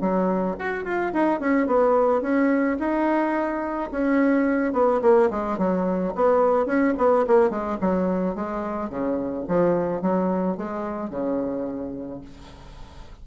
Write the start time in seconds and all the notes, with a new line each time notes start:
0.00 F#3
0.58 F#4
0.84 F4
1.13 D#4
1.40 C#4
1.66 B3
2.21 C#4
2.79 D#4
3.91 C#4
4.72 B3
5.01 A#3
5.30 G#3
5.58 F#3
6.15 B3
6.65 C#4
6.97 B3
7.27 A#3
7.49 G#3
7.80 F#3
8.35 G#3
8.89 C#3
9.48 F3
10.01 F#3
10.57 G#3
11.10 C#3